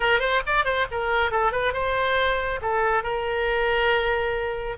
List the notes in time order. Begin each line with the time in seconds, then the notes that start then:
0.00 A#4
0.19 C5
0.46 D5
0.64 C5
0.91 A#4
1.31 A4
1.52 B4
1.73 C5
2.61 A4
3.03 A#4